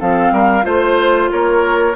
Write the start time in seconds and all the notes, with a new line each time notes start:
0.00 F3 C4 A4 F5
0.32 G3 A#4
0.63 A3 F4 C5
1.32 A#3 A#4 C#5